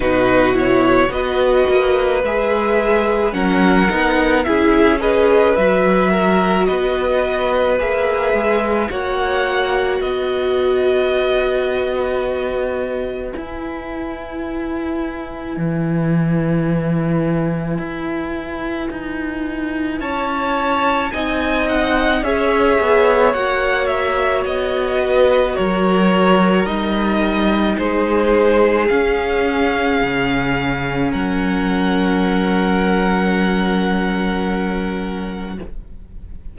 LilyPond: <<
  \new Staff \with { instrumentName = "violin" } { \time 4/4 \tempo 4 = 54 b'8 cis''8 dis''4 e''4 fis''4 | e''8 dis''8 e''4 dis''4 e''4 | fis''4 dis''2. | gis''1~ |
gis''2 a''4 gis''8 fis''8 | e''4 fis''8 e''8 dis''4 cis''4 | dis''4 c''4 f''2 | fis''1 | }
  \new Staff \with { instrumentName = "violin" } { \time 4/4 fis'4 b'2 ais'4 | gis'8 b'4 ais'8 b'2 | cis''4 b'2.~ | b'1~ |
b'2 cis''4 dis''4 | cis''2~ cis''8 b'8 ais'4~ | ais'4 gis'2. | ais'1 | }
  \new Staff \with { instrumentName = "viola" } { \time 4/4 dis'8 e'8 fis'4 gis'4 cis'8 dis'8 | e'8 gis'8 fis'2 gis'4 | fis'1 | e'1~ |
e'2. dis'4 | gis'4 fis'2. | dis'2 cis'2~ | cis'1 | }
  \new Staff \with { instrumentName = "cello" } { \time 4/4 b,4 b8 ais8 gis4 fis8 b8 | cis'4 fis4 b4 ais8 gis8 | ais4 b2. | e'2 e2 |
e'4 dis'4 cis'4 c'4 | cis'8 b8 ais4 b4 fis4 | g4 gis4 cis'4 cis4 | fis1 | }
>>